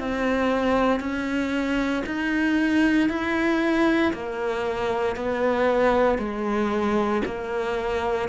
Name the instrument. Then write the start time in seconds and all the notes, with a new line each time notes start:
cello
0.00 C4
1.00 C#4
2.06 D#4
3.10 E4
4.14 A#3
5.16 B3
6.19 G#3
7.26 A#3